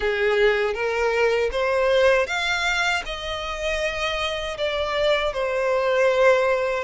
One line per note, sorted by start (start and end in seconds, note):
0.00 0.74 G#4
0.74 1.49 A#4
1.51 2.26 C5
2.26 3.02 F5
3.05 4.57 D#5
4.57 5.33 D5
5.33 6.84 C5